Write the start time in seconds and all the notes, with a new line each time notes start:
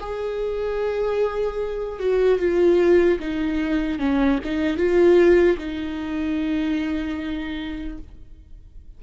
0.00 G#4
2.00 F#4
2.39 F4
3.20 D#4
3.99 C#4
4.44 D#4
4.77 F4
5.58 D#4